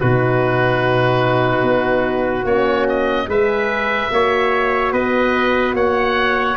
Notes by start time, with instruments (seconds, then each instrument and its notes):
0.00 tuba B2, horn D#4, trumpet F#4, oboe B4
1.63 tuba B3
2.44 tuba A#3, horn C#4, oboe C#5
2.89 oboe D#5
3.28 tuba G#3, horn G#4, trumpet B4, oboe E5
4.11 tuba A#3, horn F#4, trumpet C#5
4.93 tuba B3, trumpet B4, oboe D#5
5.74 tuba A#3, trumpet C#5, oboe F#5